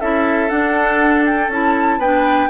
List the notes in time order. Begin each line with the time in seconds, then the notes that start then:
0.00 C#4 E4 A4 E5
0.49 D4 F#5
1.25 G5
1.48 C#4 E4 A5
1.98 B3 D4 B4 G5